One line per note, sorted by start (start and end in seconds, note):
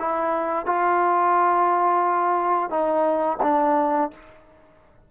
0.00 0.66 E4
0.66 2.70 F4
2.70 3.38 D#4
3.43 4.11 D4